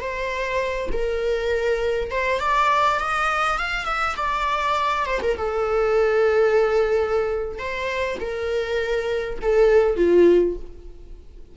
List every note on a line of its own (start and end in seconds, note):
0.00 0.89 C5
0.92 2.11 A#4
2.11 2.40 C5
2.40 2.99 D5
2.99 3.58 D#5
3.58 3.85 F5
3.85 4.15 E5
4.16 5.05 D5
5.05 5.20 C5
5.22 5.37 A#4
5.37 7.58 A4
7.58 8.18 C5
8.20 9.39 A#4
9.42 9.96 A4
9.96 10.56 F4